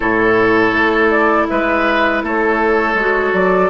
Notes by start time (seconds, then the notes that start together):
0.00 A2 E4 A4 C#5
0.73 A3
1.10 D5
1.48 G#3 B4 E5
2.22 A3 A4 C#5
2.94 G#3 F#4
3.33 F#3 D5